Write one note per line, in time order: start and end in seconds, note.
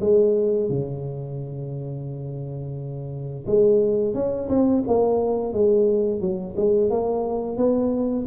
0.00 0.69 G#3
0.69 3.45 C#3
3.46 4.14 G#3
4.14 4.48 C#4
4.49 4.83 C4
4.87 5.52 A#3
5.52 6.20 G#3
6.20 6.55 F#3
6.56 6.90 G#3
6.90 7.57 A#3
7.57 8.26 B3